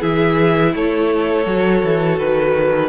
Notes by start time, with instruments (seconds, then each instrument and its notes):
0.00 cello E3, viola E4, violin G#4 E5
0.75 cello A3, violin A4 C#5
1.46 cello F#3, viola F#4
1.85 cello E3
2.19 cello D#3, violin B4